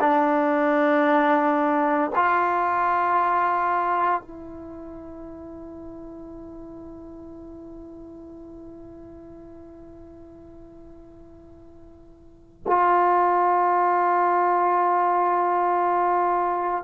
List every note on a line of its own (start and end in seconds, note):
0.00 2.11 D4
2.15 4.22 F4
4.22 12.64 E4
12.66 16.83 F4